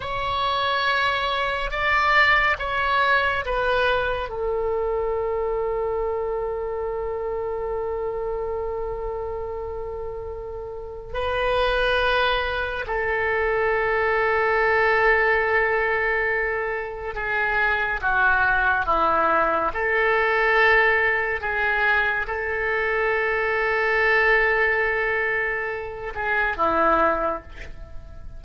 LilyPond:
\new Staff \with { instrumentName = "oboe" } { \time 4/4 \tempo 4 = 70 cis''2 d''4 cis''4 | b'4 a'2.~ | a'1~ | a'4 b'2 a'4~ |
a'1 | gis'4 fis'4 e'4 a'4~ | a'4 gis'4 a'2~ | a'2~ a'8 gis'8 e'4 | }